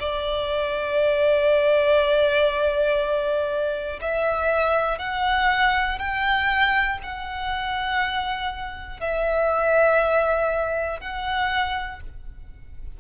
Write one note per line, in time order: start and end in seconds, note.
0.00 4.00 D5
4.01 4.99 E5
4.99 5.99 F#5
5.99 6.99 G5
7.03 9.00 F#5
9.00 11.00 E5
11.00 12.00 F#5